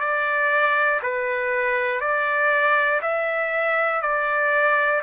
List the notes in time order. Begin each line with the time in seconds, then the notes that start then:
0.00 D5
1.03 B4
2.01 D5
3.01 E5
4.01 D5